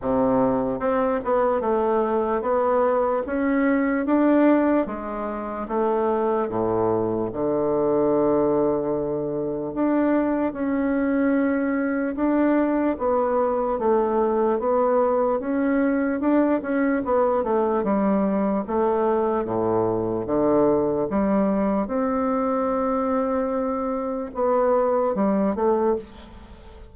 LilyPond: \new Staff \with { instrumentName = "bassoon" } { \time 4/4 \tempo 4 = 74 c4 c'8 b8 a4 b4 | cis'4 d'4 gis4 a4 | a,4 d2. | d'4 cis'2 d'4 |
b4 a4 b4 cis'4 | d'8 cis'8 b8 a8 g4 a4 | a,4 d4 g4 c'4~ | c'2 b4 g8 a8 | }